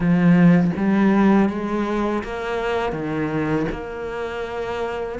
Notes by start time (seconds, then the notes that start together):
0.00 F3
0.76 G3
1.49 G#3
2.23 A#3
2.92 D#3
3.71 A#3